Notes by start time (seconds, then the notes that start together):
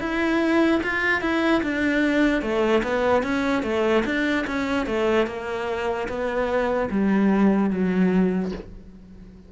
0.00 E4
0.83 F4
1.21 E4
1.63 D4
2.42 A3
2.83 B3
3.23 C#4
3.63 A3
4.05 D4
4.47 C#4
4.86 A3
5.27 A#3
6.08 B3
6.90 G3
7.70 F#3